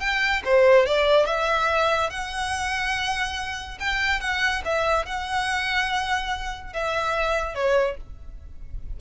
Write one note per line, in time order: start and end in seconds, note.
0.00 0.42 G5
0.45 0.86 C5
0.86 1.26 D5
1.26 2.10 E5
2.10 3.78 F#5
3.80 4.20 G5
4.20 4.62 F#5
4.65 5.05 E5
5.05 6.73 F#5
6.73 7.55 E5
7.55 7.97 C#5